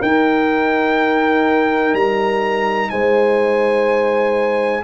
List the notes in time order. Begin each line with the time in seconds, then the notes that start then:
0.00 D#4 A#4 G5
1.93 G3 A#5
2.90 G#3 C5 G#5